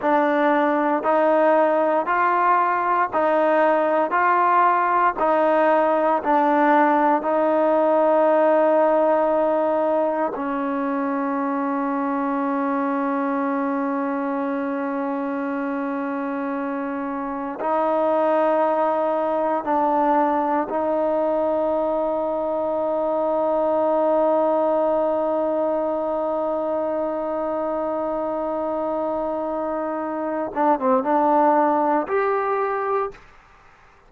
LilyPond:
\new Staff \with { instrumentName = "trombone" } { \time 4/4 \tempo 4 = 58 d'4 dis'4 f'4 dis'4 | f'4 dis'4 d'4 dis'4~ | dis'2 cis'2~ | cis'1~ |
cis'4 dis'2 d'4 | dis'1~ | dis'1~ | dis'4. d'16 c'16 d'4 g'4 | }